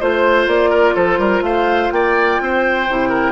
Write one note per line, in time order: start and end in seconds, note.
0.00 0.47 A3
0.00 2.88 F4
0.00 0.70 C5
0.00 0.48 C5
0.47 0.95 A#3
0.47 0.95 D5
0.70 0.94 A#4
0.95 1.18 F3
0.95 1.19 A4
0.95 1.43 C5
1.18 1.41 G3
1.18 1.43 A#4
1.41 1.89 A3
1.41 1.93 C5
1.41 1.91 F5
1.91 2.40 A#3
1.91 2.42 D5
1.91 3.32 G5
2.41 2.89 C4
2.41 3.09 C5
2.89 3.32 C3
2.89 3.32 E4
3.09 3.32 A#4